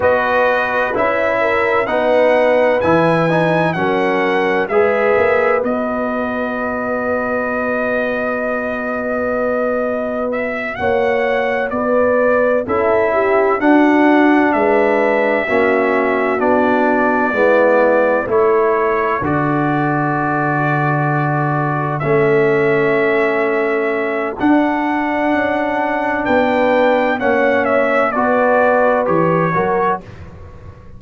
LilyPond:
<<
  \new Staff \with { instrumentName = "trumpet" } { \time 4/4 \tempo 4 = 64 dis''4 e''4 fis''4 gis''4 | fis''4 e''4 dis''2~ | dis''2. e''8 fis''8~ | fis''8 d''4 e''4 fis''4 e''8~ |
e''4. d''2 cis''8~ | cis''8 d''2. e''8~ | e''2 fis''2 | g''4 fis''8 e''8 d''4 cis''4 | }
  \new Staff \with { instrumentName = "horn" } { \time 4/4 b'4. ais'8 b'2 | ais'4 b'2.~ | b'2.~ b'8 cis''8~ | cis''8 b'4 a'8 g'8 fis'4 b'8~ |
b'8 fis'2 e'4 a'8~ | a'1~ | a'1 | b'4 cis''4 b'4. ais'8 | }
  \new Staff \with { instrumentName = "trombone" } { \time 4/4 fis'4 e'4 dis'4 e'8 dis'8 | cis'4 gis'4 fis'2~ | fis'1~ | fis'4. e'4 d'4.~ |
d'8 cis'4 d'4 b4 e'8~ | e'8 fis'2. cis'8~ | cis'2 d'2~ | d'4 cis'4 fis'4 g'8 fis'8 | }
  \new Staff \with { instrumentName = "tuba" } { \time 4/4 b4 cis'4 b4 e4 | fis4 gis8 ais8 b2~ | b2.~ b8 ais8~ | ais8 b4 cis'4 d'4 gis8~ |
gis8 ais4 b4 gis4 a8~ | a8 d2. a8~ | a2 d'4 cis'4 | b4 ais4 b4 e8 fis8 | }
>>